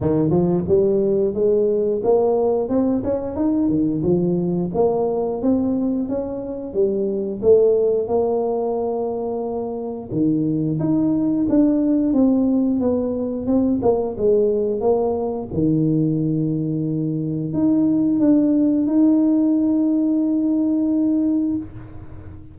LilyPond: \new Staff \with { instrumentName = "tuba" } { \time 4/4 \tempo 4 = 89 dis8 f8 g4 gis4 ais4 | c'8 cis'8 dis'8 dis8 f4 ais4 | c'4 cis'4 g4 a4 | ais2. dis4 |
dis'4 d'4 c'4 b4 | c'8 ais8 gis4 ais4 dis4~ | dis2 dis'4 d'4 | dis'1 | }